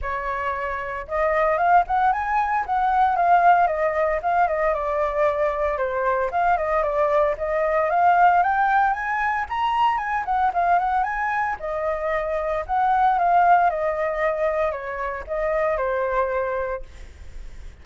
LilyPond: \new Staff \with { instrumentName = "flute" } { \time 4/4 \tempo 4 = 114 cis''2 dis''4 f''8 fis''8 | gis''4 fis''4 f''4 dis''4 | f''8 dis''8 d''2 c''4 | f''8 dis''8 d''4 dis''4 f''4 |
g''4 gis''4 ais''4 gis''8 fis''8 | f''8 fis''8 gis''4 dis''2 | fis''4 f''4 dis''2 | cis''4 dis''4 c''2 | }